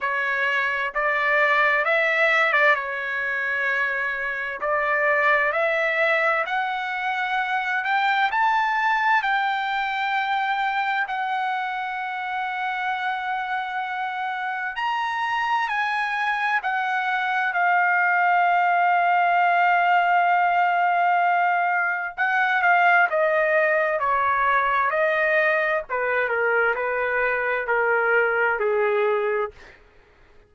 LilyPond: \new Staff \with { instrumentName = "trumpet" } { \time 4/4 \tempo 4 = 65 cis''4 d''4 e''8. d''16 cis''4~ | cis''4 d''4 e''4 fis''4~ | fis''8 g''8 a''4 g''2 | fis''1 |
ais''4 gis''4 fis''4 f''4~ | f''1 | fis''8 f''8 dis''4 cis''4 dis''4 | b'8 ais'8 b'4 ais'4 gis'4 | }